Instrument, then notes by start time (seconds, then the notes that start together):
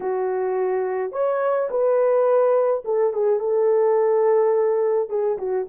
horn
0.00 F#4
1.12 C#5
1.70 B4
2.85 A4
3.13 G#4
3.39 A4
5.09 G#4
5.38 F#4